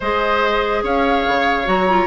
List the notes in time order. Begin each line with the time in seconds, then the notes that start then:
0.00 G#3 G#4 C5 D#5
0.83 C#4 C#5 F5
1.27 C#3
1.65 F#3 F#4 A#5
1.87 F4